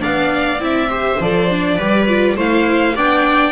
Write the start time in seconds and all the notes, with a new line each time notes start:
0.00 B3 D4 D5 F5
0.59 C4 E4 E5
0.90 G4 C5
1.20 F3 A4 D5
1.50 D4
1.77 G3 G4 B4
2.08 F4
2.37 A3 E4 C5 F5
2.96 B3 D4 D5 G5